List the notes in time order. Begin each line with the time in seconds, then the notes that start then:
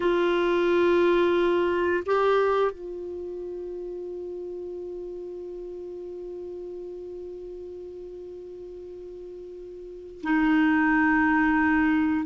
0.00 F4
2.05 G4
2.71 F4
10.22 D#4